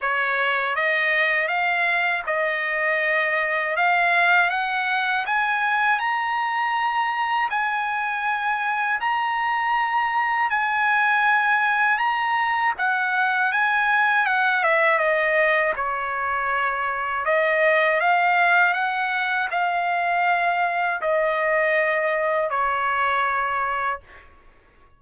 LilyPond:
\new Staff \with { instrumentName = "trumpet" } { \time 4/4 \tempo 4 = 80 cis''4 dis''4 f''4 dis''4~ | dis''4 f''4 fis''4 gis''4 | ais''2 gis''2 | ais''2 gis''2 |
ais''4 fis''4 gis''4 fis''8 e''8 | dis''4 cis''2 dis''4 | f''4 fis''4 f''2 | dis''2 cis''2 | }